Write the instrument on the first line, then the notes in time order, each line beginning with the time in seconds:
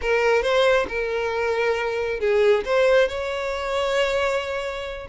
violin
0.01 A#4
0.42 C5
0.88 A#4
2.20 G#4
2.65 C5
3.08 C#5